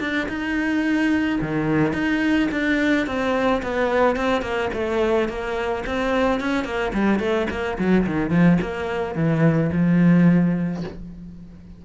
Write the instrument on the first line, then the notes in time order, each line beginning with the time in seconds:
cello
0.00 D4
0.29 D#4
1.41 D#3
1.93 D#4
2.52 D4
3.07 C4
3.63 B3
4.17 C4
4.42 A#3
4.74 A3
5.29 A#3
5.86 C4
6.40 C#4
6.65 A#3
6.94 G3
7.20 A3
7.50 A#3
7.79 F#3
8.07 D#3
8.31 F3
8.62 A#3
9.15 E3
9.72 F3